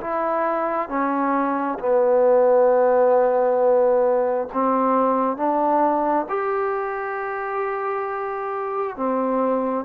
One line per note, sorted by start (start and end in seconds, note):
0.00 0.88 E4
0.88 1.78 C#4
1.79 4.47 B3
4.53 5.36 C4
5.36 6.26 D4
6.28 8.96 G4
8.96 9.85 C4